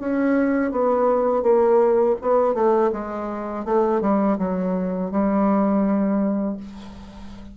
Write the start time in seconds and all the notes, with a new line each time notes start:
0.00 C#4
0.72 B3
1.43 A#3
2.22 B3
2.55 A3
2.92 G#3
3.65 A3
4.01 G3
4.38 F#3
5.11 G3